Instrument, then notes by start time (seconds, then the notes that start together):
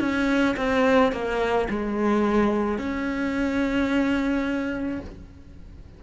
cello
0.00 C#4
0.57 C4
1.12 A#3
1.69 G#3
2.78 C#4